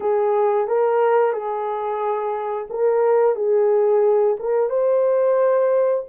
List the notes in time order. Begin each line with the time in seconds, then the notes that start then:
0.00 G#4
0.67 A#4
1.32 G#4
2.70 A#4
3.35 G#4
4.39 A#4
4.69 C5